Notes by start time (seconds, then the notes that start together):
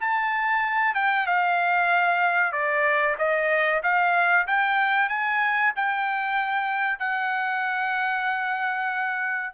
0.00 A5
0.94 G5
1.26 F5
2.52 D5
3.18 D#5
3.82 F5
4.47 G5
5.09 G#5
5.76 G5
6.99 F#5